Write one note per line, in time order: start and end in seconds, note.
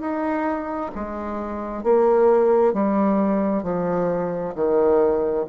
0.00 0.91 D#4
0.95 1.83 G#3
1.83 2.73 A#3
2.73 3.63 G3
3.63 4.54 F3
4.55 5.45 D#3